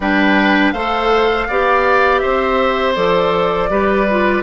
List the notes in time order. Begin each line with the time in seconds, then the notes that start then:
0.00 G3 D4 B4 G5
0.72 A3 A4 C5 F5
1.48 B3 G4 D5
2.19 C4 C5 E5
2.94 F3 A4 D5
3.69 G3 G4 B4
4.10 F4